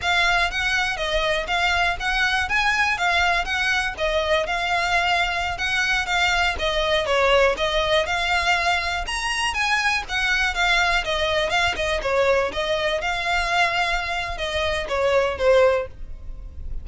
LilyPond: \new Staff \with { instrumentName = "violin" } { \time 4/4 \tempo 4 = 121 f''4 fis''4 dis''4 f''4 | fis''4 gis''4 f''4 fis''4 | dis''4 f''2~ f''16 fis''8.~ | fis''16 f''4 dis''4 cis''4 dis''8.~ |
dis''16 f''2 ais''4 gis''8.~ | gis''16 fis''4 f''4 dis''4 f''8 dis''16~ | dis''16 cis''4 dis''4 f''4.~ f''16~ | f''4 dis''4 cis''4 c''4 | }